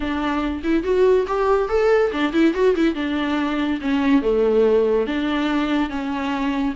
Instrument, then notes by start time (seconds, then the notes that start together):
viola
0.00 D4
0.63 E4
0.83 F#4
1.27 G4
1.68 A4
2.12 D4
2.32 E4
2.54 F#4
2.75 E4
2.95 D4
3.81 C#4
4.22 A3
5.06 D4
5.89 C#4